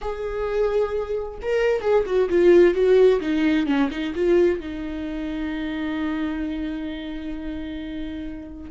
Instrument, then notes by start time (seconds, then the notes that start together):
viola
0.01 G#4
1.42 A#4
1.81 G#4
2.05 F#4
2.29 F4
2.74 F#4
3.20 D#4
3.66 C#4
3.90 D#4
4.15 F4
4.60 D#4